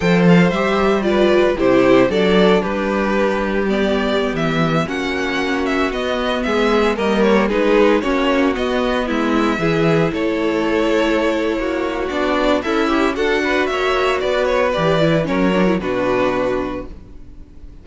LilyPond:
<<
  \new Staff \with { instrumentName = "violin" } { \time 4/4 \tempo 4 = 114 g''8 f''8 e''4 d''4 c''4 | d''4 b'2 d''4~ | d''16 e''4 fis''4. e''8 dis''8.~ | dis''16 e''4 dis''8 cis''8 b'4 cis''8.~ |
cis''16 dis''4 e''2 cis''8.~ | cis''2. d''4 | e''4 fis''4 e''4 d''8 cis''8 | d''4 cis''4 b'2 | }
  \new Staff \with { instrumentName = "violin" } { \time 4/4 c''2 b'4 g'4 | a'4 g'2.~ | g'4~ g'16 fis'2~ fis'8.~ | fis'16 gis'4 ais'4 gis'4 fis'8.~ |
fis'4~ fis'16 e'4 gis'4 a'8.~ | a'2 fis'2 | e'4 a'8 b'8 cis''4 b'4~ | b'4 ais'4 fis'2 | }
  \new Staff \with { instrumentName = "viola" } { \time 4/4 a'4 g'4 f'4 e'4 | d'2. b4~ | b4~ b16 cis'2 b8.~ | b4~ b16 ais4 dis'4 cis'8.~ |
cis'16 b2 e'4.~ e'16~ | e'2. d'4 | a'8 g'8 fis'2. | g'8 e'8 cis'8 d'16 e'16 d'2 | }
  \new Staff \with { instrumentName = "cello" } { \time 4/4 f4 g2 c4 | fis4 g2.~ | g16 e4 ais2 b8.~ | b16 gis4 g4 gis4 ais8.~ |
ais16 b4 gis4 e4 a8.~ | a2 ais4 b4 | cis'4 d'4 ais4 b4 | e4 fis4 b,2 | }
>>